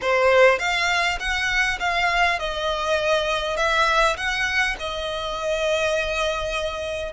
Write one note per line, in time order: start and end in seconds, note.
0.01 0.59 C5
0.59 1.18 F5
1.19 1.78 F#5
1.79 2.39 F5
2.39 3.56 D#5
3.56 4.16 E5
4.16 4.76 F#5
4.79 7.13 D#5